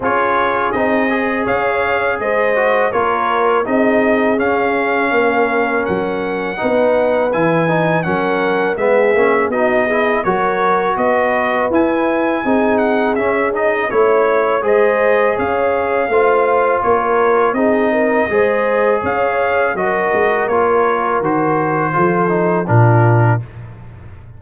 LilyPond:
<<
  \new Staff \with { instrumentName = "trumpet" } { \time 4/4 \tempo 4 = 82 cis''4 dis''4 f''4 dis''4 | cis''4 dis''4 f''2 | fis''2 gis''4 fis''4 | e''4 dis''4 cis''4 dis''4 |
gis''4. fis''8 e''8 dis''8 cis''4 | dis''4 f''2 cis''4 | dis''2 f''4 dis''4 | cis''4 c''2 ais'4 | }
  \new Staff \with { instrumentName = "horn" } { \time 4/4 gis'2 cis''4 c''4 | ais'4 gis'2 ais'4~ | ais'4 b'2 ais'4 | gis'4 fis'8 gis'8 ais'4 b'4~ |
b'4 gis'2 cis''4 | c''4 cis''4 c''4 ais'4 | gis'8 ais'8 c''4 cis''4 ais'4~ | ais'2 a'4 f'4 | }
  \new Staff \with { instrumentName = "trombone" } { \time 4/4 f'4 dis'8 gis'2 fis'8 | f'4 dis'4 cis'2~ | cis'4 dis'4 e'8 dis'8 cis'4 | b8 cis'8 dis'8 e'8 fis'2 |
e'4 dis'4 cis'8 dis'8 e'4 | gis'2 f'2 | dis'4 gis'2 fis'4 | f'4 fis'4 f'8 dis'8 d'4 | }
  \new Staff \with { instrumentName = "tuba" } { \time 4/4 cis'4 c'4 cis'4 gis4 | ais4 c'4 cis'4 ais4 | fis4 b4 e4 fis4 | gis8 ais8 b4 fis4 b4 |
e'4 c'4 cis'4 a4 | gis4 cis'4 a4 ais4 | c'4 gis4 cis'4 fis8 gis8 | ais4 dis4 f4 ais,4 | }
>>